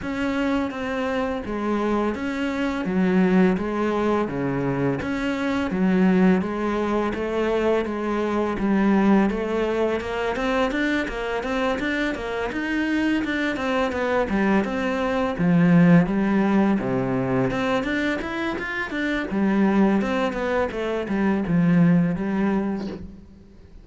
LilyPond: \new Staff \with { instrumentName = "cello" } { \time 4/4 \tempo 4 = 84 cis'4 c'4 gis4 cis'4 | fis4 gis4 cis4 cis'4 | fis4 gis4 a4 gis4 | g4 a4 ais8 c'8 d'8 ais8 |
c'8 d'8 ais8 dis'4 d'8 c'8 b8 | g8 c'4 f4 g4 c8~ | c8 c'8 d'8 e'8 f'8 d'8 g4 | c'8 b8 a8 g8 f4 g4 | }